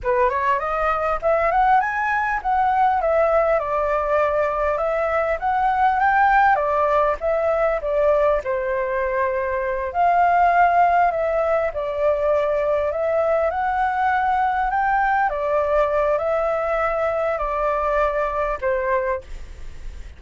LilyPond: \new Staff \with { instrumentName = "flute" } { \time 4/4 \tempo 4 = 100 b'8 cis''8 dis''4 e''8 fis''8 gis''4 | fis''4 e''4 d''2 | e''4 fis''4 g''4 d''4 | e''4 d''4 c''2~ |
c''8 f''2 e''4 d''8~ | d''4. e''4 fis''4.~ | fis''8 g''4 d''4. e''4~ | e''4 d''2 c''4 | }